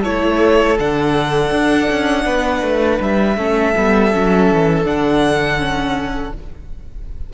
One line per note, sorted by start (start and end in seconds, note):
0.00 0.78 A3
0.00 0.78 E4
0.00 2.22 A4
0.00 0.78 C#5
0.78 1.51 D3
0.78 3.37 D4
0.78 3.01 F#5
1.51 1.88 D4
1.90 2.25 C#4
2.25 2.62 B3
2.25 3.36 B4
2.62 2.99 A3
3.00 3.37 G3
3.00 4.85 E5
3.36 3.74 A3
3.36 3.74 C#4
3.36 6.33 A4
3.75 4.14 G3
3.75 4.12 B3
4.12 4.51 F#3
4.12 4.84 C#4
4.51 4.84 E3
4.84 6.32 D3
4.84 5.58 D4
4.84 6.33 F#5
5.58 6.32 C#4